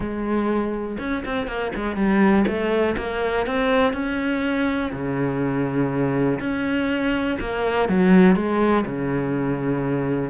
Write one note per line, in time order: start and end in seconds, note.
0.00 0.97 G#3
0.99 1.24 C#4
1.25 1.47 C4
1.47 1.71 A#3
1.75 1.96 G#3
1.96 2.45 G3
2.47 2.96 A3
2.97 3.46 A#3
3.46 3.93 C4
3.93 4.91 C#4
4.92 6.39 C#3
6.40 7.38 C#4
7.39 7.88 A#3
7.88 8.35 F#3
8.35 8.85 G#3
8.85 10.30 C#3